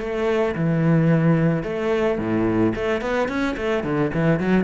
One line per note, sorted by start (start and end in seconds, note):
0.00 0.55 A3
0.56 1.64 E3
1.64 2.19 A3
2.19 2.74 A2
2.75 3.02 A3
3.02 3.29 B3
3.29 3.56 C#4
3.57 3.84 A3
3.84 4.12 D3
4.14 4.40 E3
4.40 4.64 F#3